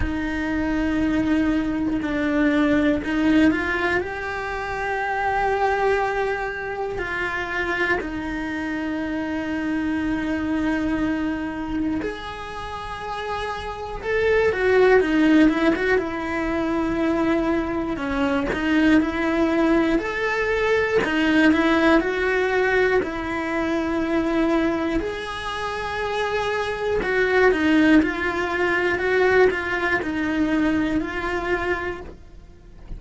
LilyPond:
\new Staff \with { instrumentName = "cello" } { \time 4/4 \tempo 4 = 60 dis'2 d'4 dis'8 f'8 | g'2. f'4 | dis'1 | gis'2 a'8 fis'8 dis'8 e'16 fis'16 |
e'2 cis'8 dis'8 e'4 | a'4 dis'8 e'8 fis'4 e'4~ | e'4 gis'2 fis'8 dis'8 | f'4 fis'8 f'8 dis'4 f'4 | }